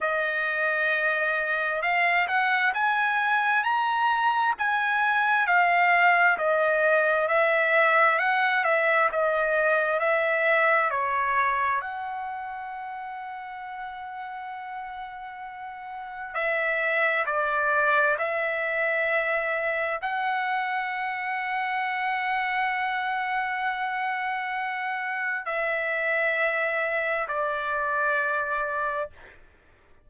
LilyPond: \new Staff \with { instrumentName = "trumpet" } { \time 4/4 \tempo 4 = 66 dis''2 f''8 fis''8 gis''4 | ais''4 gis''4 f''4 dis''4 | e''4 fis''8 e''8 dis''4 e''4 | cis''4 fis''2.~ |
fis''2 e''4 d''4 | e''2 fis''2~ | fis''1 | e''2 d''2 | }